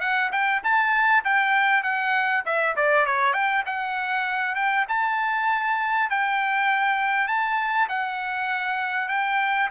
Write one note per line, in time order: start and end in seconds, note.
0.00 0.30 F#5
0.32 0.62 G5
0.63 1.24 A5
1.24 1.83 G5
1.83 2.44 F#5
2.45 2.75 E5
2.76 3.06 D5
3.06 3.33 C#5
3.33 3.63 G5
3.66 4.55 F#5
4.55 4.85 G5
4.88 6.10 A5
6.10 7.27 G5
7.27 7.88 A5
7.88 9.08 F#5
9.08 9.69 G5